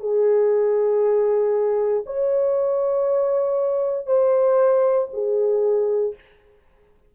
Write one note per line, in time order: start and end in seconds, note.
0.00 2.03 G#4
2.06 4.06 C#5
4.06 5.08 C5
5.13 6.15 G#4